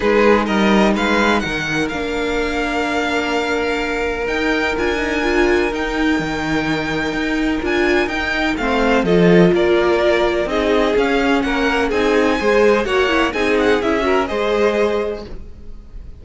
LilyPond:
<<
  \new Staff \with { instrumentName = "violin" } { \time 4/4 \tempo 4 = 126 b'4 dis''4 f''4 fis''4 | f''1~ | f''4 g''4 gis''2 | g''1 |
gis''4 g''4 f''4 dis''4 | d''2 dis''4 f''4 | fis''4 gis''2 fis''4 | gis''8 fis''8 e''4 dis''2 | }
  \new Staff \with { instrumentName = "violin" } { \time 4/4 gis'4 ais'4 b'4 ais'4~ | ais'1~ | ais'1~ | ais'1~ |
ais'2 c''4 a'4 | ais'2 gis'2 | ais'4 gis'4 c''4 cis''4 | gis'4. ais'8 c''2 | }
  \new Staff \with { instrumentName = "viola" } { \time 4/4 dis'1 | d'1~ | d'4 dis'4 f'8 dis'8 f'4 | dis'1 |
f'4 dis'4 c'4 f'4~ | f'2 dis'4 cis'4~ | cis'4 dis'4 gis'4 fis'8 e'8 | dis'4 e'8 fis'8 gis'2 | }
  \new Staff \with { instrumentName = "cello" } { \time 4/4 gis4 g4 gis4 dis4 | ais1~ | ais4 dis'4 d'2 | dis'4 dis2 dis'4 |
d'4 dis'4 a4 f4 | ais2 c'4 cis'4 | ais4 c'4 gis4 ais4 | c'4 cis'4 gis2 | }
>>